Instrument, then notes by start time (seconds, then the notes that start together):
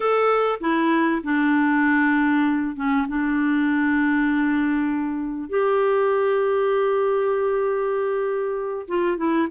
clarinet
0.00 A4
0.60 E4
1.23 D4
2.76 C#4
3.08 D4
5.49 G4
8.88 F4
9.17 E4